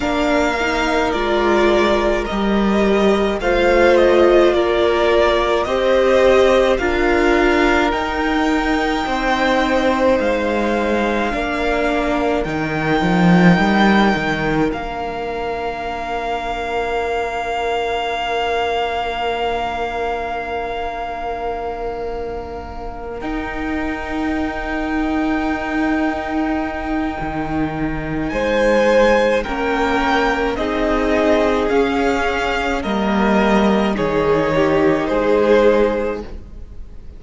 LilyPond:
<<
  \new Staff \with { instrumentName = "violin" } { \time 4/4 \tempo 4 = 53 f''4 d''4 dis''4 f''8 dis''8 | d''4 dis''4 f''4 g''4~ | g''4 f''2 g''4~ | g''4 f''2.~ |
f''1~ | f''8 g''2.~ g''8~ | g''4 gis''4 g''4 dis''4 | f''4 dis''4 cis''4 c''4 | }
  \new Staff \with { instrumentName = "violin" } { \time 4/4 ais'2. c''4 | ais'4 c''4 ais'2 | c''2 ais'2~ | ais'1~ |
ais'1~ | ais'1~ | ais'4 c''4 ais'4 gis'4~ | gis'4 ais'4 gis'8 g'8 gis'4 | }
  \new Staff \with { instrumentName = "viola" } { \time 4/4 d'8 dis'8 f'4 g'4 f'4~ | f'4 g'4 f'4 dis'4~ | dis'2 d'4 dis'4~ | dis'4 d'2.~ |
d'1~ | d'8 dis'2.~ dis'8~ | dis'2 cis'4 dis'4 | cis'4 ais4 dis'2 | }
  \new Staff \with { instrumentName = "cello" } { \time 4/4 ais4 gis4 g4 a4 | ais4 c'4 d'4 dis'4 | c'4 gis4 ais4 dis8 f8 | g8 dis8 ais2.~ |
ais1~ | ais8 dis'2.~ dis'8 | dis4 gis4 ais4 c'4 | cis'4 g4 dis4 gis4 | }
>>